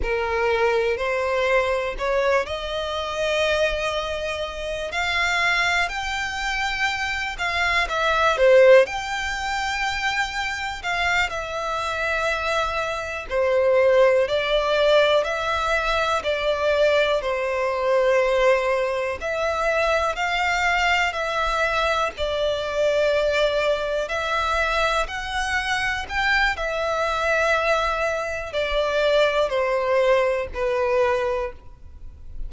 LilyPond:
\new Staff \with { instrumentName = "violin" } { \time 4/4 \tempo 4 = 61 ais'4 c''4 cis''8 dis''4.~ | dis''4 f''4 g''4. f''8 | e''8 c''8 g''2 f''8 e''8~ | e''4. c''4 d''4 e''8~ |
e''8 d''4 c''2 e''8~ | e''8 f''4 e''4 d''4.~ | d''8 e''4 fis''4 g''8 e''4~ | e''4 d''4 c''4 b'4 | }